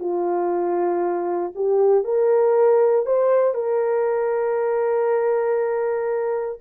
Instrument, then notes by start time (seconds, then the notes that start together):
horn
0.00 F4
1.55 G4
2.04 A#4
3.06 C5
3.54 A#4